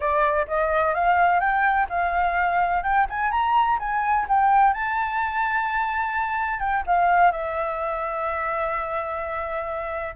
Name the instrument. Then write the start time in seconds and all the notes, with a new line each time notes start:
flute
0.00 D5
0.47 D#5
0.94 F5
1.40 G5
1.89 F5
2.83 G5
3.09 G#5
3.31 A#5
3.79 G#5
4.28 G5
4.73 A5
6.59 G5
6.86 F5
7.31 E5